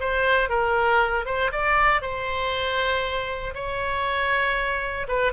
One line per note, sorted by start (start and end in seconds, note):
0.00 0.49 C5
0.49 1.26 A#4
1.26 1.51 C5
1.52 2.02 D5
2.02 3.54 C5
3.54 5.07 C#5
5.08 5.33 B4